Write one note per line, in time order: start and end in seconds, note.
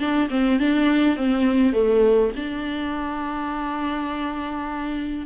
0.00 0.29 D4
0.30 0.60 C4
0.60 1.17 D4
1.17 1.73 C4
1.73 2.32 A3
2.37 5.27 D4